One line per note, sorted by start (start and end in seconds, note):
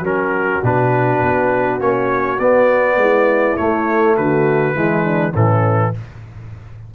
0.00 0.59 F#3
0.00 0.63 C#4
0.00 2.96 F#4
0.00 0.64 A#4
0.63 1.22 B2
0.63 1.80 D4
0.63 1.81 B4
1.22 1.80 B3
1.80 2.39 A#3
1.80 2.38 C#4
1.80 2.39 C#5
2.39 2.96 B3
2.39 3.57 B3
2.39 3.56 D5
2.96 3.55 G#3
2.96 4.17 E4
3.56 4.74 A3
3.56 4.17 A3
3.56 4.15 C#5
4.17 4.75 D3
4.17 4.75 F#4
4.17 5.34 B4
4.74 5.34 E3
4.74 5.33 G#3
4.74 5.04 E4
5.04 5.31 D4
5.31 5.93 A2
5.31 5.94 E3
5.31 5.90 C#4
5.31 5.94 A4